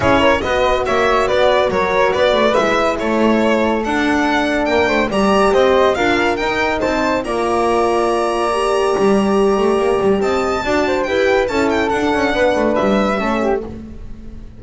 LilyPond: <<
  \new Staff \with { instrumentName = "violin" } { \time 4/4 \tempo 4 = 141 cis''4 dis''4 e''4 d''4 | cis''4 d''4 e''4 cis''4~ | cis''4 fis''2 g''4 | ais''4 dis''4 f''4 g''4 |
a''4 ais''2.~ | ais''1 | a''2 g''4 a''8 g''8 | fis''2 e''2 | }
  \new Staff \with { instrumentName = "flute" } { \time 4/4 gis'8 ais'8 b'4 cis''4 b'4 | ais'4 b'2 a'4~ | a'2. ais'8 c''8 | d''4 c''4 ais'2 |
c''4 d''2.~ | d''1 | dis''4 d''8 c''8 b'4 a'4~ | a'4 b'2 a'8 g'8 | }
  \new Staff \with { instrumentName = "horn" } { \time 4/4 e'4 fis'2.~ | fis'2 e'2~ | e'4 d'2. | g'2 f'4 dis'4~ |
dis'4 f'2. | g'1~ | g'4 fis'4 g'4 e'4 | d'2. cis'4 | }
  \new Staff \with { instrumentName = "double bass" } { \time 4/4 cis'4 b4 ais4 b4 | fis4 b8 a8 gis4 a4~ | a4 d'2 ais8 a8 | g4 c'4 d'4 dis'4 |
c'4 ais2.~ | ais4 g4. a8 ais8 g8 | c'4 d'4 e'4 cis'4 | d'8 cis'8 b8 a8 g4 a4 | }
>>